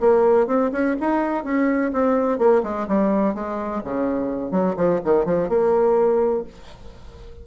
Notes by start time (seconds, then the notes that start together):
0.00 A#3
0.47 C4
0.72 C#4
1.00 D#4
1.44 C#4
1.93 C4
2.38 A#3
2.63 G#3
2.88 G3
3.34 G#3
3.84 C#3
4.51 F#3
4.76 F3
5.04 D#3
5.25 F3
5.49 A#3